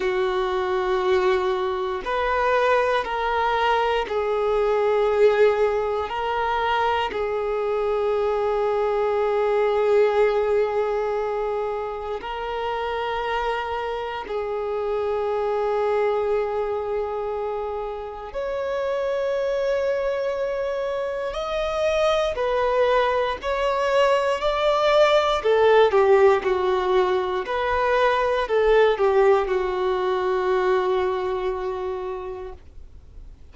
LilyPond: \new Staff \with { instrumentName = "violin" } { \time 4/4 \tempo 4 = 59 fis'2 b'4 ais'4 | gis'2 ais'4 gis'4~ | gis'1 | ais'2 gis'2~ |
gis'2 cis''2~ | cis''4 dis''4 b'4 cis''4 | d''4 a'8 g'8 fis'4 b'4 | a'8 g'8 fis'2. | }